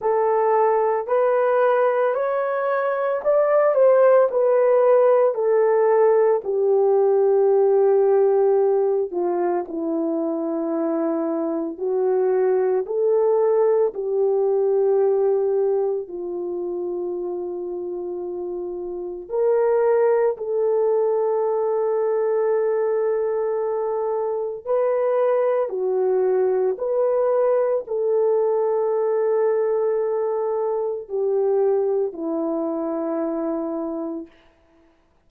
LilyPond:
\new Staff \with { instrumentName = "horn" } { \time 4/4 \tempo 4 = 56 a'4 b'4 cis''4 d''8 c''8 | b'4 a'4 g'2~ | g'8 f'8 e'2 fis'4 | a'4 g'2 f'4~ |
f'2 ais'4 a'4~ | a'2. b'4 | fis'4 b'4 a'2~ | a'4 g'4 e'2 | }